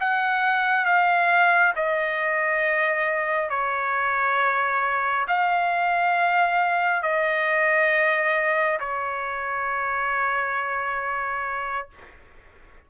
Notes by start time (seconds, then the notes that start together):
0.00 F#5
0.85 F5
1.76 D#5
3.50 C#5
5.27 F5
7.03 D#5
8.80 C#5